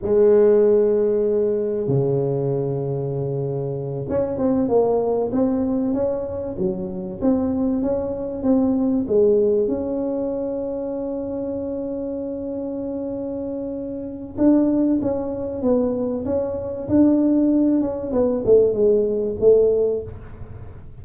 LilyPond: \new Staff \with { instrumentName = "tuba" } { \time 4/4 \tempo 4 = 96 gis2. cis4~ | cis2~ cis8 cis'8 c'8 ais8~ | ais8 c'4 cis'4 fis4 c'8~ | c'8 cis'4 c'4 gis4 cis'8~ |
cis'1~ | cis'2. d'4 | cis'4 b4 cis'4 d'4~ | d'8 cis'8 b8 a8 gis4 a4 | }